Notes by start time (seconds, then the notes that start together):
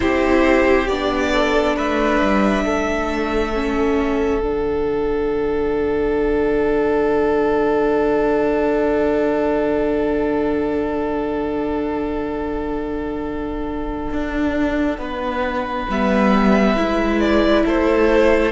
0.00 C4 E4 G4 C5
0.87 B3 D4 D5
1.32 A4
1.76 A3 B4 E5
2.20 G3
2.64 A3 A4
3.53 C#4
4.39 D3 D4 F#5
14.12 D4
14.98 B3 B4
15.89 G3 B3 E5
16.76 G#3 E4
17.20 D5
17.64 A3 A4 C5